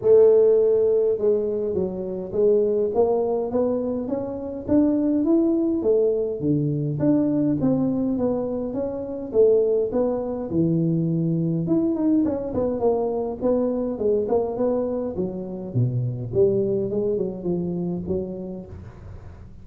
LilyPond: \new Staff \with { instrumentName = "tuba" } { \time 4/4 \tempo 4 = 103 a2 gis4 fis4 | gis4 ais4 b4 cis'4 | d'4 e'4 a4 d4 | d'4 c'4 b4 cis'4 |
a4 b4 e2 | e'8 dis'8 cis'8 b8 ais4 b4 | gis8 ais8 b4 fis4 b,4 | g4 gis8 fis8 f4 fis4 | }